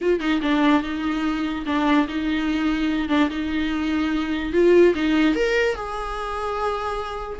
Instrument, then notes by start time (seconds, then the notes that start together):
viola
0.01 F4
0.20 D#4
0.42 D4
0.82 D#4
1.66 D4
2.08 D#4
3.09 D4
3.30 D#4
4.52 F4
4.94 D#4
5.35 A#4
5.75 G#4